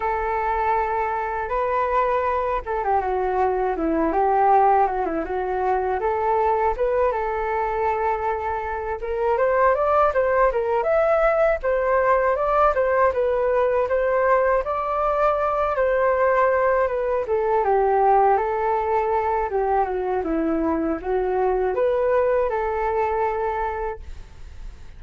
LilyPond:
\new Staff \with { instrumentName = "flute" } { \time 4/4 \tempo 4 = 80 a'2 b'4. a'16 g'16 | fis'4 e'8 g'4 fis'16 e'16 fis'4 | a'4 b'8 a'2~ a'8 | ais'8 c''8 d''8 c''8 ais'8 e''4 c''8~ |
c''8 d''8 c''8 b'4 c''4 d''8~ | d''4 c''4. b'8 a'8 g'8~ | g'8 a'4. g'8 fis'8 e'4 | fis'4 b'4 a'2 | }